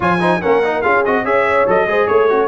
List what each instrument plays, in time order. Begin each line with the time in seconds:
0.00 tuba F3, trombone F4, horn C#5, trumpet G#5
0.20 trombone D#4, horn C5
0.41 tuba A#3, trombone C#4, horn A#4, trumpet F#5
0.63 trombone D#4
0.82 tuba C#4, trombone F4, horn G#4, trumpet F5
1.05 tuba C4, trombone F#4, trumpet D#5
1.23 tuba C#4, trombone G#4, horn C#5, trumpet E5
1.66 tuba F#3, trombone A4, trumpet D#5
1.86 tuba G#3, trombone G#4, horn C5
2.07 tuba A3, trumpet C#5, horn C#5
2.29 horn C#4, trombone F#4